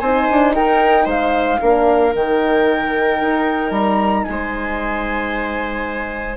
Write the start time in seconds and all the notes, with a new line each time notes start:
0.00 C4 D#4 C5 G#5
0.31 D4
0.55 D#4 A#4 G5
1.05 G#3 C5 F5
1.61 A#3 D4 A#4
2.13 D#3 D#4 G5
3.21 D#4
3.71 G3 A#5
4.25 G#3 G#5
4.31 C5